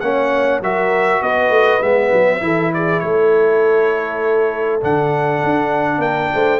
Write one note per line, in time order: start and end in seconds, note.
0.00 0.60 A#3
0.00 0.63 C#4
0.00 0.62 C#5
0.00 0.60 F#5
0.60 1.20 F#3
0.60 1.81 F#4
0.60 1.22 A#4
0.60 1.22 E5
1.21 1.49 B3
1.21 2.42 B4
1.21 1.82 D#5
1.49 1.79 A3
1.81 2.11 G#3
1.81 2.40 B3
1.81 2.72 E5
2.12 2.41 F#3
2.40 3.01 E3
2.40 4.80 E4
2.40 2.74 A4
2.73 3.04 G#4
2.73 3.00 D5
3.00 4.82 A3
3.00 6.02 A4
3.00 4.80 C#5
4.81 5.43 D3
4.81 6.59 D4
4.81 6.01 F#5
5.44 5.98 D4
5.98 6.28 A#3
5.98 6.32 A#4
5.98 6.59 G5
6.34 6.59 A3
6.34 6.59 C5